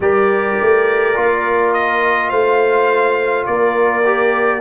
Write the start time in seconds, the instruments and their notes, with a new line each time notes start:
0.00 tuba G3, trombone G4, horn A#4, trumpet D5
0.60 tuba A3
1.15 tuba A#3, trombone F4
1.73 trumpet D#5
2.29 tuba A3, horn C5, trumpet F5
3.46 tuba A#3, horn A#4, trumpet D5
4.05 trombone G4